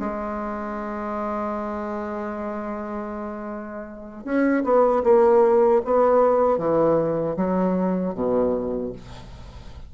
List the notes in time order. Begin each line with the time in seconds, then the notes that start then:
0.00 G#3
4.24 C#4
4.64 B3
5.04 A#3
5.85 B3
6.58 E3
7.36 F#3
8.14 B2